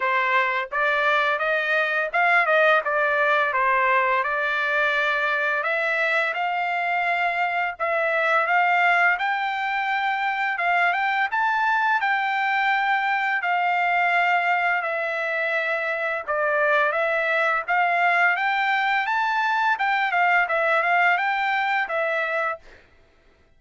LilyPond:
\new Staff \with { instrumentName = "trumpet" } { \time 4/4 \tempo 4 = 85 c''4 d''4 dis''4 f''8 dis''8 | d''4 c''4 d''2 | e''4 f''2 e''4 | f''4 g''2 f''8 g''8 |
a''4 g''2 f''4~ | f''4 e''2 d''4 | e''4 f''4 g''4 a''4 | g''8 f''8 e''8 f''8 g''4 e''4 | }